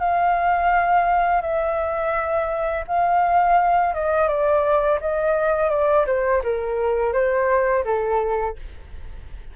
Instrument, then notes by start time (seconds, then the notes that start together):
flute
0.00 F5
1.42 E5
2.88 F5
3.94 D#5
4.28 D5
5.01 D#5
5.70 D5
6.07 C5
6.44 A#4
7.13 C5
7.85 A4